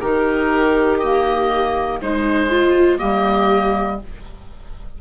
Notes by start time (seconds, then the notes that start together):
0.00 D#3 D#4 G4 A#4
0.99 A#3 D#5
2.01 G#3 D#4 C5
2.50 F4
2.98 G3 A#3 G4 D#5